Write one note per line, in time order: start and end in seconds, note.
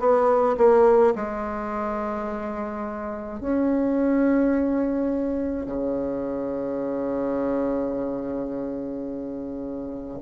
0.00 0.57 B3
0.58 1.14 A#3
1.16 3.41 G#3
3.41 5.67 C#4
5.67 10.19 C#3